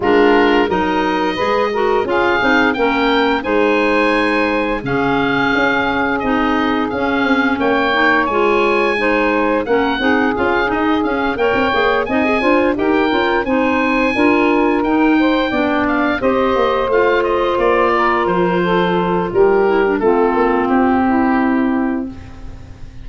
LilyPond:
<<
  \new Staff \with { instrumentName = "oboe" } { \time 4/4 \tempo 4 = 87 ais'4 dis''2 f''4 | g''4 gis''2 f''4~ | f''4 dis''4 f''4 g''4 | gis''2 fis''4 f''8 dis''8 |
f''8 g''4 gis''4 g''4 gis''8~ | gis''4. g''4. f''8 dis''8~ | dis''8 f''8 dis''8 d''4 c''4. | ais'4 a'4 g'2 | }
  \new Staff \with { instrumentName = "saxophone" } { \time 4/4 f'4 ais'4 b'8 ais'8 gis'4 | ais'4 c''2 gis'4~ | gis'2. cis''4~ | cis''4 c''4 ais'8 gis'4.~ |
gis'8 cis''4 dis''8 c''8 ais'4 c''8~ | c''8 ais'4. c''8 d''4 c''8~ | c''2 ais'4 a'4 | g'4 f'4. e'4. | }
  \new Staff \with { instrumentName = "clarinet" } { \time 4/4 d'4 dis'4 gis'8 fis'8 f'8 dis'8 | cis'4 dis'2 cis'4~ | cis'4 dis'4 cis'4. dis'8 | f'4 dis'4 cis'8 dis'8 f'8 dis'8 |
cis'8 ais'8 gis'8 dis'16 gis'16 f'8 g'8 f'8 dis'8~ | dis'8 f'4 dis'4 d'4 g'8~ | g'8 f'2.~ f'8~ | f'8 e'16 d'16 c'2. | }
  \new Staff \with { instrumentName = "tuba" } { \time 4/4 gis4 fis4 gis4 cis'8 c'8 | ais4 gis2 cis4 | cis'4 c'4 cis'8 c'8 ais4 | gis2 ais8 c'8 cis'8 dis'8 |
cis'8 ais16 c'16 ais8 c'8 d'8 dis'8 cis'8 c'8~ | c'8 d'4 dis'4 b4 c'8 | ais8 a4 ais4 f4. | g4 a8 ais8 c'2 | }
>>